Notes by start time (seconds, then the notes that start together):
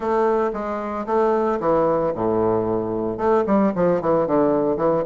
0.00 A3
0.53 G#3
1.06 A3
1.59 E3
2.14 A2
3.17 A3
3.46 G3
3.75 F3
4.01 E3
4.26 D3
4.76 E3